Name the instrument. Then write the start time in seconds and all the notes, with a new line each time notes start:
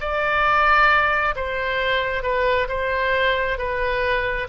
oboe
0.00 D5
1.35 C5
2.23 B4
2.68 C5
3.58 B4